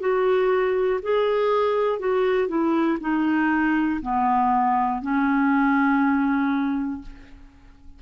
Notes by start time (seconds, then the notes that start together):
0.00 F#4
1.02 G#4
1.99 F#4
2.48 E4
3.00 D#4
4.02 B3
5.01 C#4